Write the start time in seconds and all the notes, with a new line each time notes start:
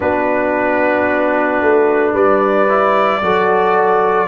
0.00 B3 D4 F#4 B4
1.61 A3
2.12 G3 B4 D5
2.68 E4
3.22 F#3 F#4 A4